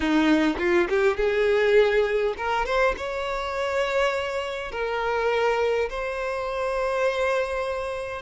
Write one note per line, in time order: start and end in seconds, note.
0.00 0.56 D#4
0.58 0.87 F4
0.89 1.17 G4
1.17 2.34 G#4
2.37 2.65 A#4
2.65 2.94 C5
2.97 4.71 C#5
4.71 5.89 A#4
5.89 8.21 C5